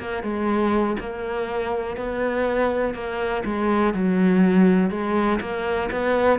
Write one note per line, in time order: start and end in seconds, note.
0.00 0.23 A#3
0.23 0.97 G#3
1.00 1.97 A#3
1.97 2.95 B3
2.95 3.44 A#3
3.45 3.94 G#3
3.94 4.90 F#3
4.90 5.39 G#3
5.41 5.90 A#3
5.92 6.39 B3